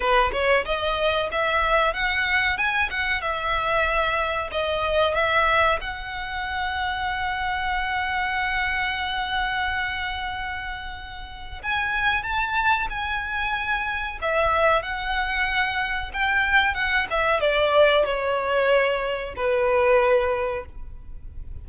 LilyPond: \new Staff \with { instrumentName = "violin" } { \time 4/4 \tempo 4 = 93 b'8 cis''8 dis''4 e''4 fis''4 | gis''8 fis''8 e''2 dis''4 | e''4 fis''2.~ | fis''1~ |
fis''2 gis''4 a''4 | gis''2 e''4 fis''4~ | fis''4 g''4 fis''8 e''8 d''4 | cis''2 b'2 | }